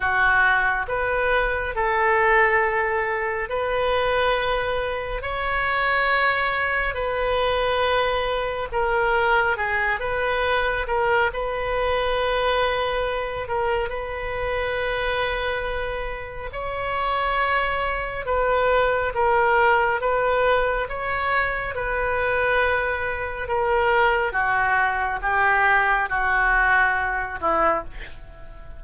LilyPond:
\new Staff \with { instrumentName = "oboe" } { \time 4/4 \tempo 4 = 69 fis'4 b'4 a'2 | b'2 cis''2 | b'2 ais'4 gis'8 b'8~ | b'8 ais'8 b'2~ b'8 ais'8 |
b'2. cis''4~ | cis''4 b'4 ais'4 b'4 | cis''4 b'2 ais'4 | fis'4 g'4 fis'4. e'8 | }